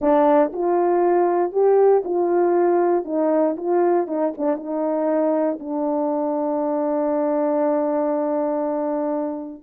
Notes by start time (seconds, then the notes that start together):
0.01 D4
0.52 F4
1.52 G4
2.04 F4
3.05 D#4
3.57 F4
4.07 D#4
4.37 D4
4.56 D#4
5.59 D4